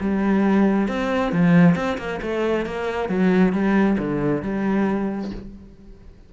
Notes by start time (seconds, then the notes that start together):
0.00 G3
0.88 C4
1.32 F3
1.75 C4
1.98 A#3
2.21 A3
2.66 A#3
3.09 F#3
3.53 G3
3.98 D3
4.42 G3